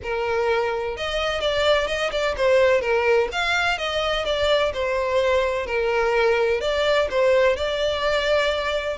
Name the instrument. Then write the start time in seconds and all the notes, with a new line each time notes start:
violin
0.02 A#4
0.96 D#5
1.40 D5
1.87 D#5
2.11 D5
2.36 C5
2.81 A#4
3.32 F5
3.78 D#5
4.25 D5
4.73 C5
5.66 A#4
6.60 D5
7.10 C5
7.56 D5